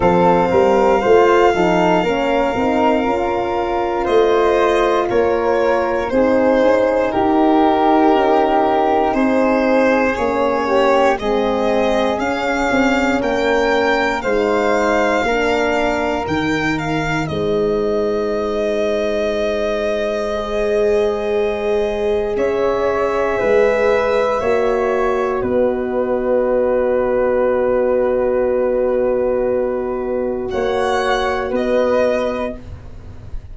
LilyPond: <<
  \new Staff \with { instrumentName = "violin" } { \time 4/4 \tempo 4 = 59 f''1 | dis''4 cis''4 c''4 ais'4~ | ais'4 c''4 cis''4 dis''4 | f''4 g''4 f''2 |
g''8 f''8 dis''2.~ | dis''2 e''2~ | e''4 dis''2.~ | dis''2 fis''4 dis''4 | }
  \new Staff \with { instrumentName = "flute" } { \time 4/4 a'8 ais'8 c''8 a'8 ais'2 | c''4 ais'4 gis'4 g'4~ | g'4 gis'4. g'8 gis'4~ | gis'4 ais'4 c''4 ais'4~ |
ais'4 c''2.~ | c''2 cis''4 b'4 | cis''4 b'2.~ | b'2 cis''4 b'4 | }
  \new Staff \with { instrumentName = "horn" } { \time 4/4 c'4 f'8 dis'8 cis'8 dis'8 f'4~ | f'2 dis'2~ | dis'2 cis'4 c'4 | cis'2 dis'4 d'4 |
dis'1 | gis'1 | fis'1~ | fis'1 | }
  \new Staff \with { instrumentName = "tuba" } { \time 4/4 f8 g8 a8 f8 ais8 c'8 cis'4 | a4 ais4 c'8 cis'8 dis'4 | cis'4 c'4 ais4 gis4 | cis'8 c'8 ais4 gis4 ais4 |
dis4 gis2.~ | gis2 cis'4 gis4 | ais4 b2.~ | b2 ais4 b4 | }
>>